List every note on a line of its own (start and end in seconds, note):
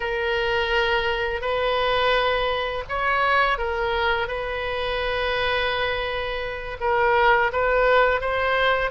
0.00 1.41 A#4
1.41 2.84 B4
2.89 3.57 C#5
3.57 4.27 A#4
4.27 6.77 B4
6.80 7.51 A#4
7.52 8.20 B4
8.20 8.91 C5